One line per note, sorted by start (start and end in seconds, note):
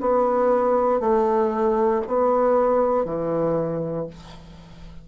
0.00 0.99 B3
0.99 2.01 A3
2.07 3.05 B3
3.05 4.06 E3